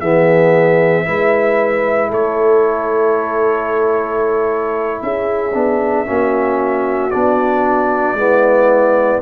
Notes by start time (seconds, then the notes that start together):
0.00 E3 B3 G#4 E5
1.04 G#3 E4 B4
2.09 A3 A4 C#5
5.02 C#4 G#4 E5
5.54 B3 D4
6.06 A#3 C#4 F#4
7.10 B3 D4 D5
8.13 G#3 B3 E4